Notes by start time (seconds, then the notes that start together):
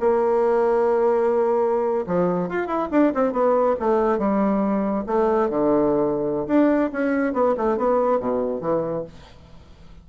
0.00 A#3
2.07 F3
2.49 F4
2.67 E4
2.91 D4
3.14 C4
3.32 B3
3.80 A3
4.19 G3
5.06 A3
5.50 D3
6.47 D4
6.92 C#4
7.33 B3
7.57 A3
7.77 B3
8.20 B2
8.61 E3